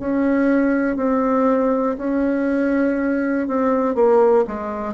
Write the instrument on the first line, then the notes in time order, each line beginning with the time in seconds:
bassoon
0.00 C#4
0.97 C4
1.98 C#4
3.48 C4
3.95 A#3
4.48 G#3